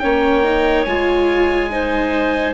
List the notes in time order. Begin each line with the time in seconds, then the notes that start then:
0.00 A#3 C#4 C#5 G5
0.44 D#4
0.85 G#3 F4 G#5
1.70 D#4 C5